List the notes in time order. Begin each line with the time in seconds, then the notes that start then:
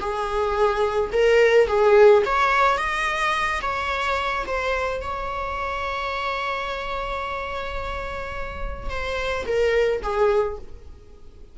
0.00 G#4
1.13 A#4
1.68 G#4
2.26 C#5
2.78 D#5
3.62 C#5
4.47 C5
5.02 C#5
8.90 C5
9.47 A#4
10.03 G#4